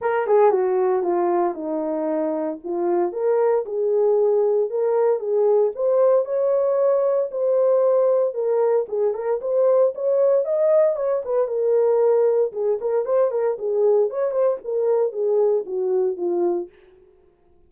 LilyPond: \new Staff \with { instrumentName = "horn" } { \time 4/4 \tempo 4 = 115 ais'8 gis'8 fis'4 f'4 dis'4~ | dis'4 f'4 ais'4 gis'4~ | gis'4 ais'4 gis'4 c''4 | cis''2 c''2 |
ais'4 gis'8 ais'8 c''4 cis''4 | dis''4 cis''8 b'8 ais'2 | gis'8 ais'8 c''8 ais'8 gis'4 cis''8 c''8 | ais'4 gis'4 fis'4 f'4 | }